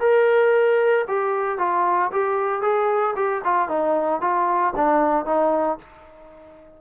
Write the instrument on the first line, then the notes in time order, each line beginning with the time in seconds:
trombone
0.00 A#4
1.08 G4
1.59 F4
2.12 G4
2.62 G#4
3.16 G4
3.44 F4
3.69 D#4
4.21 F4
4.76 D4
5.26 D#4